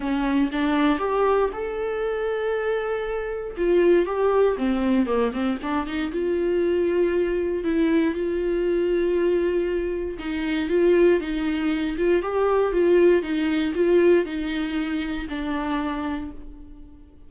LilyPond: \new Staff \with { instrumentName = "viola" } { \time 4/4 \tempo 4 = 118 cis'4 d'4 g'4 a'4~ | a'2. f'4 | g'4 c'4 ais8 c'8 d'8 dis'8 | f'2. e'4 |
f'1 | dis'4 f'4 dis'4. f'8 | g'4 f'4 dis'4 f'4 | dis'2 d'2 | }